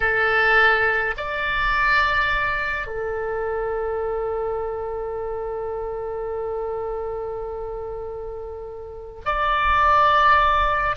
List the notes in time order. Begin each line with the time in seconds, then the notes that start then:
0.00 A4
1.17 D5
2.86 A4
9.25 D5